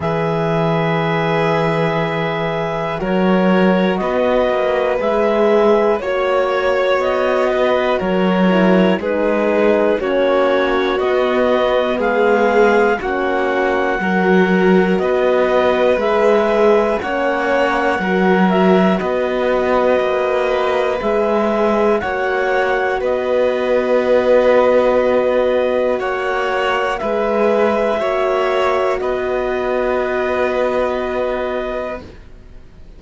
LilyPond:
<<
  \new Staff \with { instrumentName = "clarinet" } { \time 4/4 \tempo 4 = 60 e''2. cis''4 | dis''4 e''4 cis''4 dis''4 | cis''4 b'4 cis''4 dis''4 | f''4 fis''2 dis''4 |
e''4 fis''4. e''8 dis''4~ | dis''4 e''4 fis''4 dis''4~ | dis''2 fis''4 e''4~ | e''4 dis''2. | }
  \new Staff \with { instrumentName = "violin" } { \time 4/4 b'2. ais'4 | b'2 cis''4. b'8 | ais'4 gis'4 fis'2 | gis'4 fis'4 ais'4 b'4~ |
b'4 cis''4 ais'4 b'4~ | b'2 cis''4 b'4~ | b'2 cis''4 b'4 | cis''4 b'2. | }
  \new Staff \with { instrumentName = "horn" } { \time 4/4 gis'2. fis'4~ | fis'4 gis'4 fis'2~ | fis'8 e'8 dis'4 cis'4 b4~ | b4 cis'4 fis'2 |
gis'4 cis'4 fis'2~ | fis'4 gis'4 fis'2~ | fis'2. gis'4 | fis'1 | }
  \new Staff \with { instrumentName = "cello" } { \time 4/4 e2. fis4 | b8 ais8 gis4 ais4 b4 | fis4 gis4 ais4 b4 | gis4 ais4 fis4 b4 |
gis4 ais4 fis4 b4 | ais4 gis4 ais4 b4~ | b2 ais4 gis4 | ais4 b2. | }
>>